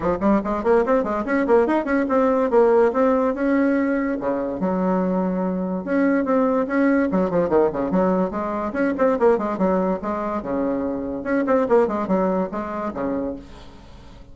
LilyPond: \new Staff \with { instrumentName = "bassoon" } { \time 4/4 \tempo 4 = 144 f8 g8 gis8 ais8 c'8 gis8 cis'8 ais8 | dis'8 cis'8 c'4 ais4 c'4 | cis'2 cis4 fis4~ | fis2 cis'4 c'4 |
cis'4 fis8 f8 dis8 cis8 fis4 | gis4 cis'8 c'8 ais8 gis8 fis4 | gis4 cis2 cis'8 c'8 | ais8 gis8 fis4 gis4 cis4 | }